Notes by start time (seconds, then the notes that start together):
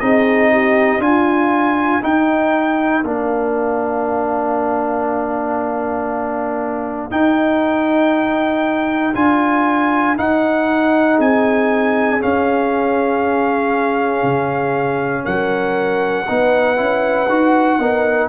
0.00 C4 D#4 G#4 D#5
0.52 G4
0.99 D4 F4 G#5
2.02 D#4 A#4 G5
3.04 A#3 D4 F5
7.11 D#4 G5
9.15 D4 F4 G#5
10.17 D#4 F#5
11.15 C4 G#4 G#5
12.20 C#4 F5
14.23 C#3
15.24 F#3 A#4 F#5
16.27 B3 D#4 B4
16.77 C#4 E4
17.29 D#4 F#4
17.80 B3 D#4 A#4